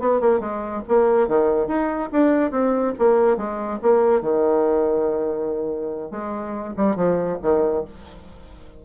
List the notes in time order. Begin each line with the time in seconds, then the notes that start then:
0.00 B3
0.21 A#3
0.40 G#3
0.88 A#3
1.28 D#3
1.68 D#4
2.13 D4
2.52 C4
2.99 A#3
3.37 G#3
3.83 A#3
4.22 D#3
6.12 G#3
6.77 G3
6.96 F3
7.43 D#3